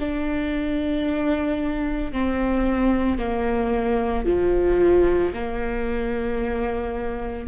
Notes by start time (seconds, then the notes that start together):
0.00 D4
2.13 C4
3.19 A#3
4.26 F3
5.34 A#3